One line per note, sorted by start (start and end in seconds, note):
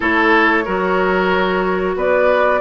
0.00 0.66 A3
0.00 0.64 E4
0.00 0.64 A4
0.00 1.97 C#5
0.64 1.96 F#3
0.64 2.60 F#4
0.64 1.95 A#4
1.96 2.60 B3
1.96 2.60 B4
1.96 2.60 D5